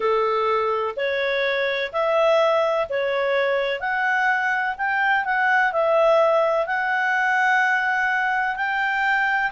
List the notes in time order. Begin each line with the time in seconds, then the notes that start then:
0.00 A4
0.96 C#5
1.92 E5
2.89 C#5
3.80 F#5
4.77 G5
5.24 F#5
5.72 E5
6.66 F#5
8.55 G5